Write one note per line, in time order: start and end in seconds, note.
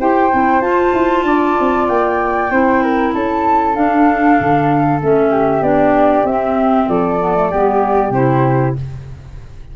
0.00 0.32 E4
0.00 0.32 G4
0.00 1.25 C5
0.00 0.62 G5
0.32 0.61 C4
0.32 0.63 E4
0.61 0.92 F4
0.61 2.50 F4
0.61 1.87 A5
0.93 1.24 E4
1.24 1.55 D4
1.24 2.52 D5
1.60 1.89 C4
1.88 2.51 A#3
1.88 3.13 G5
2.51 3.14 C4
2.51 3.75 E4
2.51 2.83 C5
2.83 3.14 A#4
3.14 3.77 C#4
3.14 5.30 A4
3.14 3.76 A5
3.75 5.00 D4
3.75 4.39 D4
3.75 5.01 F5
4.40 5.03 D3
5.01 5.61 A3
5.01 5.63 C#4
5.01 5.64 E5
5.30 6.87 G4
5.61 6.24 B3
5.61 6.25 D4
5.61 6.26 D5
6.24 6.87 C4
6.24 7.20 C4
6.24 6.89 E5
6.89 7.52 F3
6.89 7.52 A4
6.89 8.13 D5
7.20 7.35 B3
7.36 7.51 A3
7.52 8.10 G3
7.52 8.14 B3
7.52 8.77 G4
8.10 8.73 C3
8.10 8.76 E4
8.10 8.76 C5